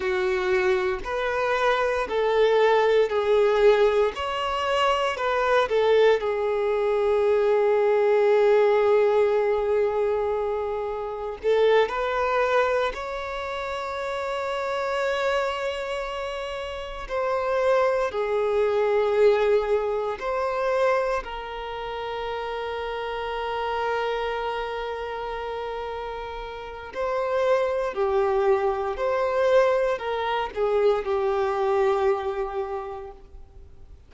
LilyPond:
\new Staff \with { instrumentName = "violin" } { \time 4/4 \tempo 4 = 58 fis'4 b'4 a'4 gis'4 | cis''4 b'8 a'8 gis'2~ | gis'2. a'8 b'8~ | b'8 cis''2.~ cis''8~ |
cis''8 c''4 gis'2 c''8~ | c''8 ais'2.~ ais'8~ | ais'2 c''4 g'4 | c''4 ais'8 gis'8 g'2 | }